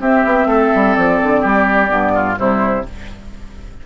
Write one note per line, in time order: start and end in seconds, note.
0.00 0.24 C4
0.00 1.88 C4
0.00 0.48 G4
0.00 0.95 E5
0.25 0.46 B3
0.46 0.69 A3
0.46 1.41 A4
0.75 0.97 G3
0.95 1.20 F3
0.95 2.37 D5
1.22 1.44 D3
1.41 1.91 G3
1.41 2.12 G4
1.88 2.38 G2
1.88 2.35 B3
2.15 2.39 F4
2.37 2.86 C3
2.37 2.84 G3
2.37 2.86 E4
2.37 2.86 C5